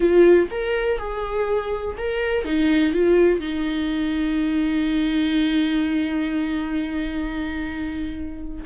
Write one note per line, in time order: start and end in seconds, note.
0.00 0.48 F4
0.50 0.98 A#4
0.98 1.96 G#4
1.97 2.44 A#4
2.44 2.93 D#4
2.93 3.39 F4
3.39 8.64 D#4